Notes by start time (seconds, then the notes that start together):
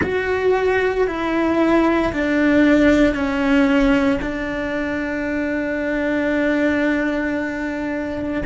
0.02 F#4
1.07 E4
2.12 D4
3.14 C#4
4.21 D4